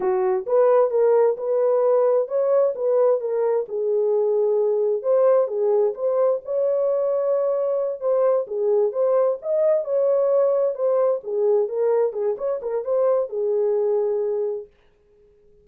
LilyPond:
\new Staff \with { instrumentName = "horn" } { \time 4/4 \tempo 4 = 131 fis'4 b'4 ais'4 b'4~ | b'4 cis''4 b'4 ais'4 | gis'2. c''4 | gis'4 c''4 cis''2~ |
cis''4. c''4 gis'4 c''8~ | c''8 dis''4 cis''2 c''8~ | c''8 gis'4 ais'4 gis'8 cis''8 ais'8 | c''4 gis'2. | }